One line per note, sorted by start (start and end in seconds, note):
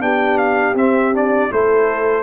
0.00 0.75 B3
0.00 0.75 D4
0.00 1.52 G4
0.00 0.38 G5
0.38 0.75 F5
0.75 1.50 C4
0.75 1.13 C4
0.75 1.15 E5
1.13 1.50 D4
1.13 1.52 D5
1.50 2.23 A3
1.50 2.23 E4
1.50 2.23 A4
1.50 2.23 C5